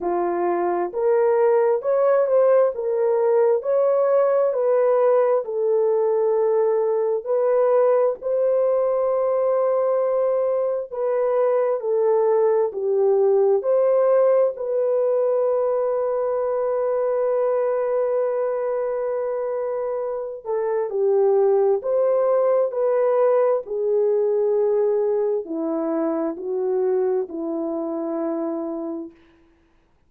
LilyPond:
\new Staff \with { instrumentName = "horn" } { \time 4/4 \tempo 4 = 66 f'4 ais'4 cis''8 c''8 ais'4 | cis''4 b'4 a'2 | b'4 c''2. | b'4 a'4 g'4 c''4 |
b'1~ | b'2~ b'8 a'8 g'4 | c''4 b'4 gis'2 | e'4 fis'4 e'2 | }